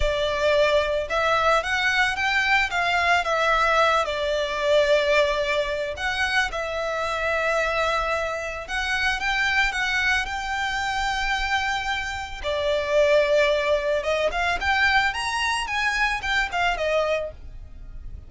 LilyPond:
\new Staff \with { instrumentName = "violin" } { \time 4/4 \tempo 4 = 111 d''2 e''4 fis''4 | g''4 f''4 e''4. d''8~ | d''2. fis''4 | e''1 |
fis''4 g''4 fis''4 g''4~ | g''2. d''4~ | d''2 dis''8 f''8 g''4 | ais''4 gis''4 g''8 f''8 dis''4 | }